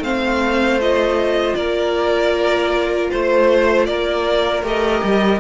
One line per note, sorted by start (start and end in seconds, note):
0.00 1.54 A3
0.00 0.80 C4
0.00 1.58 C5
0.00 0.81 F5
0.80 4.63 F4
0.80 1.55 D#5
1.55 3.10 A#3
1.55 3.11 A#4
1.55 3.09 D5
3.11 3.88 A3
3.11 3.88 C5
3.11 3.86 C5
3.86 4.63 A#3
3.86 5.41 A#4
3.86 4.63 D5
4.63 5.02 A3
4.63 5.40 G4
4.63 5.41 D#5
5.04 5.41 G3